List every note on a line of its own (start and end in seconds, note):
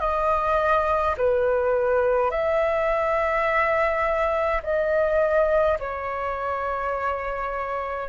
0.00 1.15 D#5
1.18 2.31 B4
2.31 4.62 E5
4.64 5.79 D#5
5.80 8.09 C#5